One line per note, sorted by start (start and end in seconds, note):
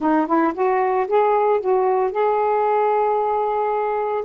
0.00 0.26 D#4
0.26 0.53 E4
0.54 1.07 F#4
1.07 1.60 G#4
1.60 2.11 F#4
2.11 4.24 G#4